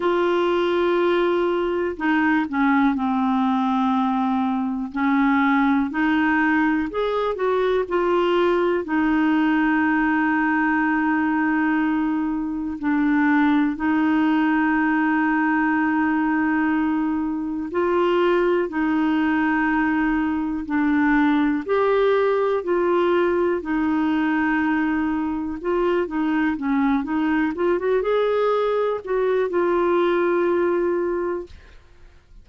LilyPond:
\new Staff \with { instrumentName = "clarinet" } { \time 4/4 \tempo 4 = 61 f'2 dis'8 cis'8 c'4~ | c'4 cis'4 dis'4 gis'8 fis'8 | f'4 dis'2.~ | dis'4 d'4 dis'2~ |
dis'2 f'4 dis'4~ | dis'4 d'4 g'4 f'4 | dis'2 f'8 dis'8 cis'8 dis'8 | f'16 fis'16 gis'4 fis'8 f'2 | }